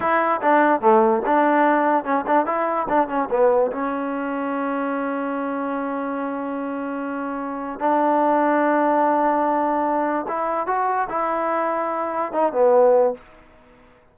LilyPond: \new Staff \with { instrumentName = "trombone" } { \time 4/4 \tempo 4 = 146 e'4 d'4 a4 d'4~ | d'4 cis'8 d'8 e'4 d'8 cis'8 | b4 cis'2.~ | cis'1~ |
cis'2. d'4~ | d'1~ | d'4 e'4 fis'4 e'4~ | e'2 dis'8 b4. | }